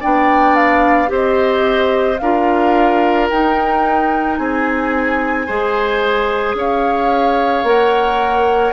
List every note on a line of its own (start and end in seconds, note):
0.00 1.10 B3
0.00 1.07 D4
0.00 1.09 D5
0.00 0.55 G5
0.55 1.10 F5
1.07 2.19 C4
1.07 2.17 G4
1.07 2.21 C5
1.14 2.18 D#5
2.18 3.30 D4
2.18 3.32 F4
2.18 4.39 A#4
2.18 3.27 F5
3.29 4.38 D#4
3.29 5.48 D#4
3.29 4.36 G5
4.36 5.47 C4
4.36 5.46 G#4
4.36 6.54 G#5
5.46 6.54 G#3
5.46 7.65 G#4
5.46 6.55 C5
6.54 7.63 C#4
6.54 8.73 C#5
6.54 7.67 F5
7.63 8.72 A#3
7.63 8.73 A#4
7.63 8.73 F#5